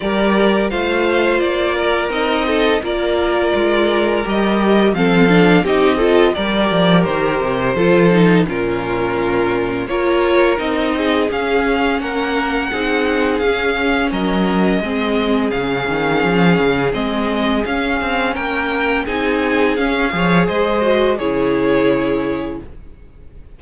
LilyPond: <<
  \new Staff \with { instrumentName = "violin" } { \time 4/4 \tempo 4 = 85 d''4 f''4 d''4 dis''4 | d''2 dis''4 f''4 | dis''4 d''4 c''2 | ais'2 cis''4 dis''4 |
f''4 fis''2 f''4 | dis''2 f''2 | dis''4 f''4 g''4 gis''4 | f''4 dis''4 cis''2 | }
  \new Staff \with { instrumentName = "violin" } { \time 4/4 ais'4 c''4. ais'4 a'8 | ais'2. a'4 | g'8 a'8 ais'2 a'4 | f'2 ais'4. gis'8~ |
gis'4 ais'4 gis'2 | ais'4 gis'2.~ | gis'2 ais'4 gis'4~ | gis'8 cis''8 c''4 gis'2 | }
  \new Staff \with { instrumentName = "viola" } { \time 4/4 g'4 f'2 dis'4 | f'2 g'4 c'8 d'8 | dis'8 f'8 g'2 f'8 dis'8 | cis'2 f'4 dis'4 |
cis'2 dis'4 cis'4~ | cis'4 c'4 cis'2 | c'4 cis'2 dis'4 | cis'8 gis'4 fis'8 e'2 | }
  \new Staff \with { instrumentName = "cello" } { \time 4/4 g4 a4 ais4 c'4 | ais4 gis4 g4 f4 | c'4 g8 f8 dis8 c8 f4 | ais,2 ais4 c'4 |
cis'4 ais4 c'4 cis'4 | fis4 gis4 cis8 dis8 f8 cis8 | gis4 cis'8 c'8 ais4 c'4 | cis'8 f8 gis4 cis2 | }
>>